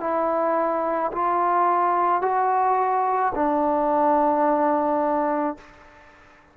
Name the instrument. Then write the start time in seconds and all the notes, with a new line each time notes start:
trombone
0.00 E4
1.12 F4
2.21 F#4
3.34 D4